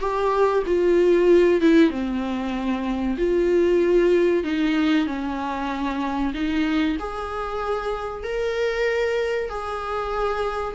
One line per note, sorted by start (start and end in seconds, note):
0.00 0.63 G4
0.66 1.61 F4
1.61 1.91 E4
1.91 3.17 C4
3.18 4.44 F4
4.44 5.07 D#4
5.07 6.33 C#4
6.34 6.97 D#4
7.00 8.24 G#4
8.24 9.50 A#4
9.50 10.75 G#4